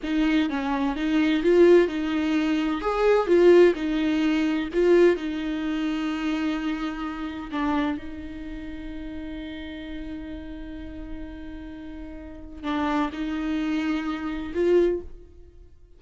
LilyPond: \new Staff \with { instrumentName = "viola" } { \time 4/4 \tempo 4 = 128 dis'4 cis'4 dis'4 f'4 | dis'2 gis'4 f'4 | dis'2 f'4 dis'4~ | dis'1 |
d'4 dis'2.~ | dis'1~ | dis'2. d'4 | dis'2. f'4 | }